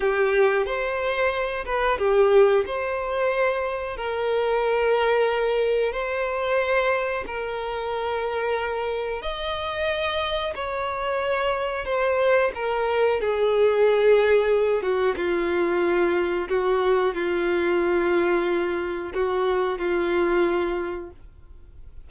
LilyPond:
\new Staff \with { instrumentName = "violin" } { \time 4/4 \tempo 4 = 91 g'4 c''4. b'8 g'4 | c''2 ais'2~ | ais'4 c''2 ais'4~ | ais'2 dis''2 |
cis''2 c''4 ais'4 | gis'2~ gis'8 fis'8 f'4~ | f'4 fis'4 f'2~ | f'4 fis'4 f'2 | }